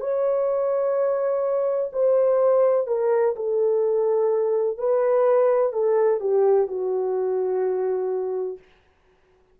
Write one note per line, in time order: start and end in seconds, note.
0.00 1.90 C#5
1.92 2.87 C5
2.87 3.35 A#4
3.35 4.77 A4
4.77 5.73 B4
5.73 6.20 A4
6.20 6.68 G4
6.68 8.58 F#4